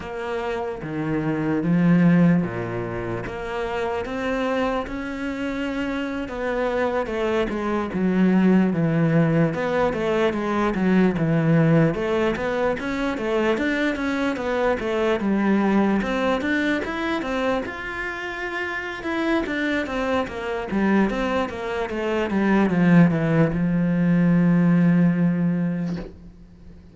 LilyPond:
\new Staff \with { instrumentName = "cello" } { \time 4/4 \tempo 4 = 74 ais4 dis4 f4 ais,4 | ais4 c'4 cis'4.~ cis'16 b16~ | b8. a8 gis8 fis4 e4 b16~ | b16 a8 gis8 fis8 e4 a8 b8 cis'16~ |
cis'16 a8 d'8 cis'8 b8 a8 g4 c'16~ | c'16 d'8 e'8 c'8 f'4.~ f'16 e'8 | d'8 c'8 ais8 g8 c'8 ais8 a8 g8 | f8 e8 f2. | }